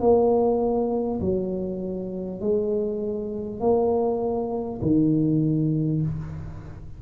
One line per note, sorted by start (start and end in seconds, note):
0.00 1.20 A#3
1.21 2.41 F#3
2.41 3.60 G#3
3.60 4.80 A#3
4.81 6.01 D#3